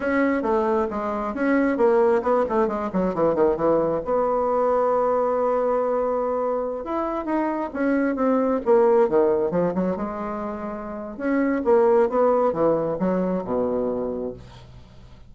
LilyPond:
\new Staff \with { instrumentName = "bassoon" } { \time 4/4 \tempo 4 = 134 cis'4 a4 gis4 cis'4 | ais4 b8 a8 gis8 fis8 e8 dis8 | e4 b2.~ | b2.~ b16 e'8.~ |
e'16 dis'4 cis'4 c'4 ais8.~ | ais16 dis4 f8 fis8 gis4.~ gis16~ | gis4 cis'4 ais4 b4 | e4 fis4 b,2 | }